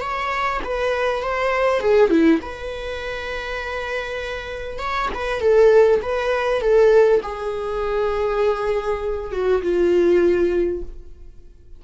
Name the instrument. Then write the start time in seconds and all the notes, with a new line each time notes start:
viola
0.00 C#5
0.64 B4
1.22 C5
1.80 G#4
2.10 E4
2.42 B4
4.79 C#5
5.14 B4
5.41 A4
6.02 B4
6.61 A4
7.22 G#4
9.32 F#4
9.62 F4